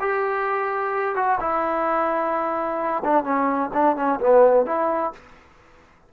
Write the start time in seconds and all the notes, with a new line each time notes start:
0.00 G4
1.15 F#4
1.40 E4
3.04 D4
3.24 C#4
3.73 D4
3.96 C#4
4.20 B3
4.66 E4